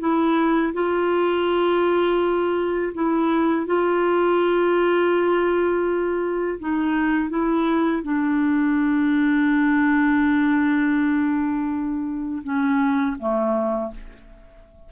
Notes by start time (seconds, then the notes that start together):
0.00 E4
0.74 F4
2.94 E4
3.66 F4
6.59 D#4
7.29 E4
8.03 D4
12.43 C#4
13.19 A3